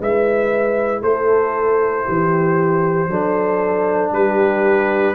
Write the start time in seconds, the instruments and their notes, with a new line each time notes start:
0.00 tuba G#3, trombone E4, horn B4, trumpet E5
1.02 tuba A3, horn A4, trumpet C5
2.05 tuba E3, horn G4
3.08 tuba F#3, trombone D4, horn A4
4.12 tuba G3, horn G4, trumpet B4